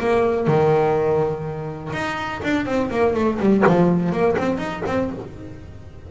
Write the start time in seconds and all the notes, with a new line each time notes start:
0.00 A#3
0.48 D#3
1.93 D#4
2.44 D4
2.66 C4
2.91 A#3
3.15 A3
3.40 G3
3.67 F3
4.12 A#3
4.38 C4
4.58 D#4
4.87 C4